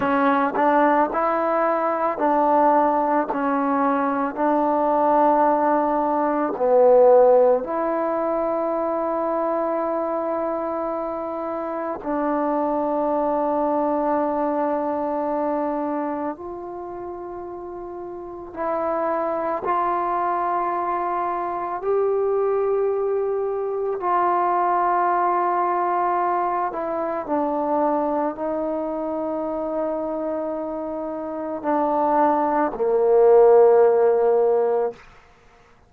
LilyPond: \new Staff \with { instrumentName = "trombone" } { \time 4/4 \tempo 4 = 55 cis'8 d'8 e'4 d'4 cis'4 | d'2 b4 e'4~ | e'2. d'4~ | d'2. f'4~ |
f'4 e'4 f'2 | g'2 f'2~ | f'8 e'8 d'4 dis'2~ | dis'4 d'4 ais2 | }